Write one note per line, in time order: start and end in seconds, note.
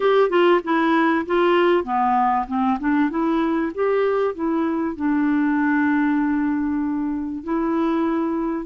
0.00 0.29 G4
0.29 0.60 F4
0.64 1.25 E4
1.25 1.84 F4
1.84 2.45 B3
2.47 2.78 C4
2.79 3.10 D4
3.10 3.72 E4
3.74 4.34 G4
4.34 4.96 E4
4.96 7.43 D4
7.43 8.65 E4